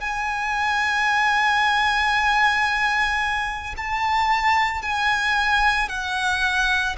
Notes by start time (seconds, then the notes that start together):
0.00 G#5
3.76 A5
4.82 G#5
5.88 F#5